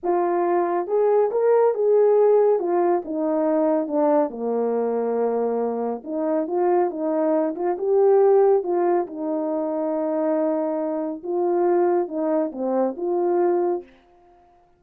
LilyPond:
\new Staff \with { instrumentName = "horn" } { \time 4/4 \tempo 4 = 139 f'2 gis'4 ais'4 | gis'2 f'4 dis'4~ | dis'4 d'4 ais2~ | ais2 dis'4 f'4 |
dis'4. f'8 g'2 | f'4 dis'2.~ | dis'2 f'2 | dis'4 c'4 f'2 | }